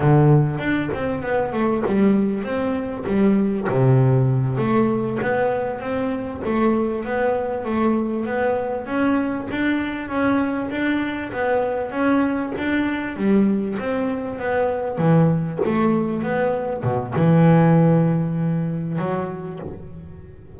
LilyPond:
\new Staff \with { instrumentName = "double bass" } { \time 4/4 \tempo 4 = 98 d4 d'8 c'8 b8 a8 g4 | c'4 g4 c4. a8~ | a8 b4 c'4 a4 b8~ | b8 a4 b4 cis'4 d'8~ |
d'8 cis'4 d'4 b4 cis'8~ | cis'8 d'4 g4 c'4 b8~ | b8 e4 a4 b4 b,8 | e2. fis4 | }